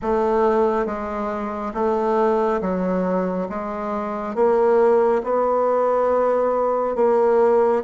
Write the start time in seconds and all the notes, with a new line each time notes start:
0.02 A3
0.85 G#3
1.74 A3
2.61 F#3
3.49 G#3
4.35 A#3
5.23 B3
6.95 A#3